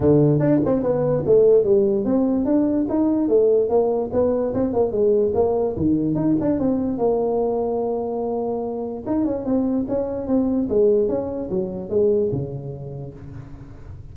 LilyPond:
\new Staff \with { instrumentName = "tuba" } { \time 4/4 \tempo 4 = 146 d4 d'8 c'8 b4 a4 | g4 c'4 d'4 dis'4 | a4 ais4 b4 c'8 ais8 | gis4 ais4 dis4 dis'8 d'8 |
c'4 ais2.~ | ais2 dis'8 cis'8 c'4 | cis'4 c'4 gis4 cis'4 | fis4 gis4 cis2 | }